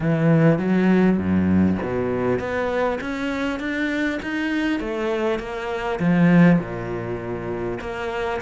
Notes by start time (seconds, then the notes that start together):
0.00 E3
0.58 F#3
1.17 F#2
1.82 B2
2.39 B3
3.01 C#4
3.59 D4
4.22 D#4
4.80 A3
5.39 A#3
5.99 F3
6.58 A#2
7.80 A#3